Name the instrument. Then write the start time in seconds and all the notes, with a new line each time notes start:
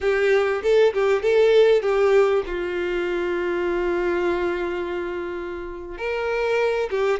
violin
0.00 G4
0.62 A4
0.93 G4
1.22 A4
1.82 G4
2.46 F4
5.97 A#4
6.90 G4